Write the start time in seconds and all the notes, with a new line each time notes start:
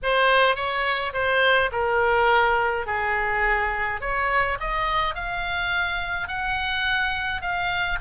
0.02 C5
0.55 C#5
1.13 C5
1.72 A#4
2.86 G#4
4.01 C#5
4.59 D#5
5.14 F5
6.28 F#5
7.41 F5